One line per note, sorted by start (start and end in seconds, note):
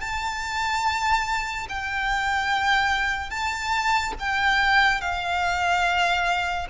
0.00 1.67 A5
1.69 3.30 G5
3.30 4.13 A5
4.19 5.00 G5
5.00 6.67 F5